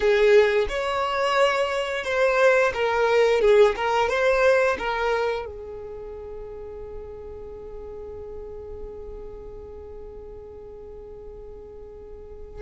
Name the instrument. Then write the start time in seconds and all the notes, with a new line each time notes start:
violin
0.00 G#4
0.68 C#5
2.04 C5
2.73 A#4
3.41 G#4
3.75 A#4
4.09 C5
4.78 A#4
5.45 G#4